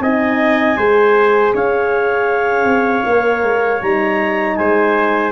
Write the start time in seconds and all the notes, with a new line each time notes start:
0.00 C4 D#4 D#5 G#5
0.77 G#3 G#4 C5
1.54 C#4 C#5 F5
2.65 C4
3.05 A#3 A#4
3.43 G#3
3.81 G3 D#4 A#5
4.56 G#3 C5 G#5